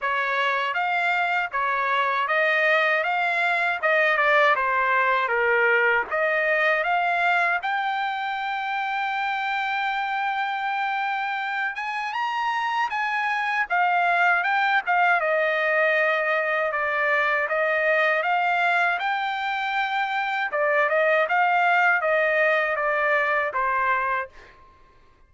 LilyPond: \new Staff \with { instrumentName = "trumpet" } { \time 4/4 \tempo 4 = 79 cis''4 f''4 cis''4 dis''4 | f''4 dis''8 d''8 c''4 ais'4 | dis''4 f''4 g''2~ | g''2.~ g''8 gis''8 |
ais''4 gis''4 f''4 g''8 f''8 | dis''2 d''4 dis''4 | f''4 g''2 d''8 dis''8 | f''4 dis''4 d''4 c''4 | }